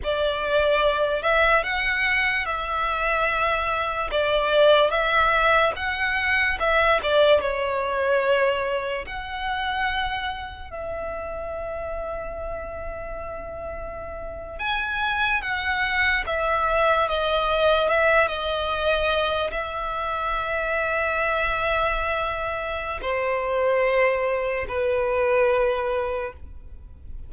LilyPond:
\new Staff \with { instrumentName = "violin" } { \time 4/4 \tempo 4 = 73 d''4. e''8 fis''4 e''4~ | e''4 d''4 e''4 fis''4 | e''8 d''8 cis''2 fis''4~ | fis''4 e''2.~ |
e''4.~ e''16 gis''4 fis''4 e''16~ | e''8. dis''4 e''8 dis''4. e''16~ | e''1 | c''2 b'2 | }